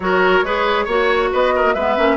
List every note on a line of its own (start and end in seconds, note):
0.00 0.41 F#3
0.00 0.44 F#4
0.00 0.45 A#4
0.00 1.32 C#5
0.42 0.86 G#3
0.42 0.88 G#4
0.42 0.85 B4
0.85 1.30 A#3
0.85 1.76 F#4
0.85 1.29 C#5
1.31 1.64 B3
1.31 1.53 B4
1.31 1.73 D#5
1.55 1.74 A#4
1.64 1.75 A#3
1.73 1.97 G#3
1.73 1.97 B3
1.73 2.17 B4
1.73 2.17 E5
1.97 2.17 A#3
1.97 2.17 C#4